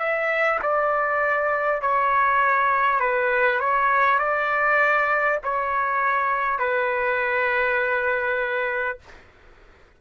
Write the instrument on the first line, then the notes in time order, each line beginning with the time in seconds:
trumpet
0.00 E5
0.63 D5
1.82 C#5
3.01 B4
3.61 C#5
4.19 D5
5.43 C#5
6.59 B4